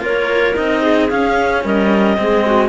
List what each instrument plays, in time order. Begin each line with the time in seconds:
0.00 cello A#3 F4, clarinet A#4 C#5
0.56 cello C4 D#4, clarinet D#5
0.82 clarinet G#4
1.10 cello C#4, clarinet F5
1.64 cello G3, clarinet A#4 D#5
2.17 cello G#3 C4, clarinet G#4
2.46 clarinet F#4